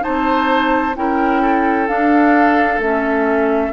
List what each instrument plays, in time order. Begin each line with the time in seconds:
0.00 clarinet D#4, oboe C5, flute A5
0.07 bassoon C4
0.96 bassoon C#4, clarinet E4, oboe A#4, flute G5
1.42 oboe A4
1.88 clarinet D4, bassoon D4, flute F5
2.79 bassoon A3, clarinet C#4, flute E5